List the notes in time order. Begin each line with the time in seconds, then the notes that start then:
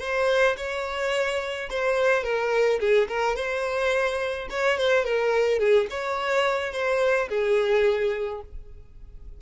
0.00 C5
0.57 C#5
1.70 C5
2.23 A#4
2.80 G#4
3.08 A#4
3.36 C5
4.50 C#5
4.78 C5
5.04 A#4
5.59 G#4
5.90 C#5
6.72 C5
7.29 G#4